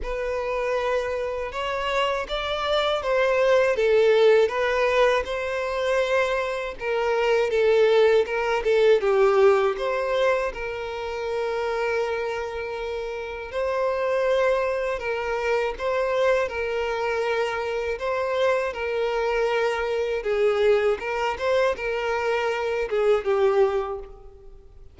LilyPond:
\new Staff \with { instrumentName = "violin" } { \time 4/4 \tempo 4 = 80 b'2 cis''4 d''4 | c''4 a'4 b'4 c''4~ | c''4 ais'4 a'4 ais'8 a'8 | g'4 c''4 ais'2~ |
ais'2 c''2 | ais'4 c''4 ais'2 | c''4 ais'2 gis'4 | ais'8 c''8 ais'4. gis'8 g'4 | }